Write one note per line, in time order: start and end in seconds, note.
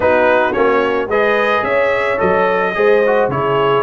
0.00 0.53 B3
0.00 0.53 D#4
0.00 1.08 F#4
0.00 0.53 B4
0.53 1.07 A#3
0.53 1.08 C#4
0.53 1.08 C#5
1.07 1.62 G#3
1.07 2.17 G#4
1.07 1.63 B4
1.07 1.64 D#5
1.62 2.18 C#4
1.62 2.74 C#5
1.62 2.19 E5
2.17 2.76 F#3
2.17 2.72 A4
2.17 3.30 D#5
2.74 3.28 G#3
2.74 3.02 G#4
2.74 3.30 C5
3.05 3.31 F#4
3.28 3.82 C#3
3.28 3.82 E4
3.28 3.82 G#4
3.28 3.82 C#5